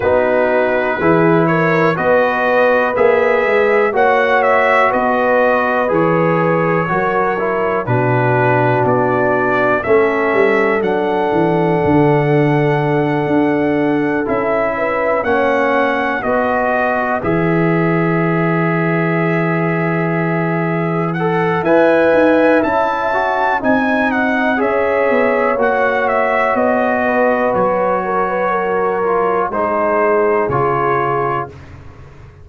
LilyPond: <<
  \new Staff \with { instrumentName = "trumpet" } { \time 4/4 \tempo 4 = 61 b'4. cis''8 dis''4 e''4 | fis''8 e''8 dis''4 cis''2 | b'4 d''4 e''4 fis''4~ | fis''2~ fis''8 e''4 fis''8~ |
fis''8 dis''4 e''2~ e''8~ | e''4. fis''8 gis''4 a''4 | gis''8 fis''8 e''4 fis''8 e''8 dis''4 | cis''2 c''4 cis''4 | }
  \new Staff \with { instrumentName = "horn" } { \time 4/4 fis'4 gis'8 ais'8 b'2 | cis''4 b'2 ais'4 | fis'2 a'2~ | a'2. b'8 cis''8~ |
cis''8 b'2.~ b'8~ | b'2 e''2 | dis''4 cis''2~ cis''8 b'8~ | b'8 ais'16 b'16 ais'4 gis'2 | }
  \new Staff \with { instrumentName = "trombone" } { \time 4/4 dis'4 e'4 fis'4 gis'4 | fis'2 gis'4 fis'8 e'8 | d'2 cis'4 d'4~ | d'2~ d'8 e'4 cis'8~ |
cis'8 fis'4 gis'2~ gis'8~ | gis'4. a'8 b'4 e'8 fis'8 | dis'4 gis'4 fis'2~ | fis'4. f'8 dis'4 f'4 | }
  \new Staff \with { instrumentName = "tuba" } { \time 4/4 b4 e4 b4 ais8 gis8 | ais4 b4 e4 fis4 | b,4 b4 a8 g8 fis8 e8 | d4. d'4 cis'4 ais8~ |
ais8 b4 e2~ e8~ | e2 e'8 dis'8 cis'4 | c'4 cis'8 b8 ais4 b4 | fis2 gis4 cis4 | }
>>